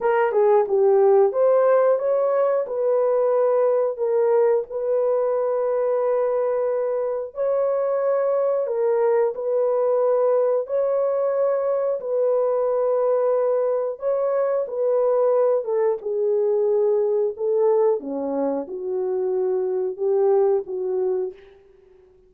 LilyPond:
\new Staff \with { instrumentName = "horn" } { \time 4/4 \tempo 4 = 90 ais'8 gis'8 g'4 c''4 cis''4 | b'2 ais'4 b'4~ | b'2. cis''4~ | cis''4 ais'4 b'2 |
cis''2 b'2~ | b'4 cis''4 b'4. a'8 | gis'2 a'4 cis'4 | fis'2 g'4 fis'4 | }